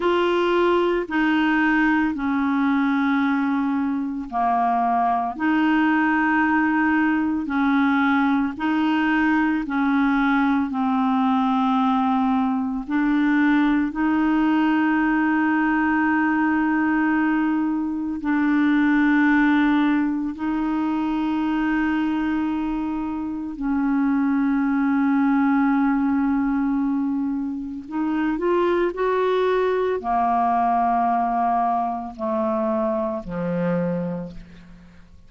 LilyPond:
\new Staff \with { instrumentName = "clarinet" } { \time 4/4 \tempo 4 = 56 f'4 dis'4 cis'2 | ais4 dis'2 cis'4 | dis'4 cis'4 c'2 | d'4 dis'2.~ |
dis'4 d'2 dis'4~ | dis'2 cis'2~ | cis'2 dis'8 f'8 fis'4 | ais2 a4 f4 | }